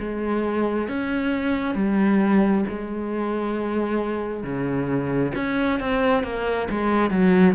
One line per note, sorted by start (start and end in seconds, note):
0.00 0.89 G#3
0.89 1.75 C#4
1.75 2.65 G3
2.69 4.43 G#3
4.43 5.33 C#3
5.35 5.80 C#4
5.80 6.24 C4
6.24 6.68 A#3
6.70 7.11 G#3
7.11 7.55 F#3